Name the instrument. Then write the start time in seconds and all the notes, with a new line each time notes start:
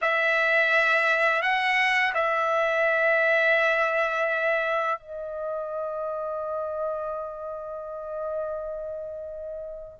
trumpet
0.01 E5
1.42 F#5
2.14 E5
4.99 D#5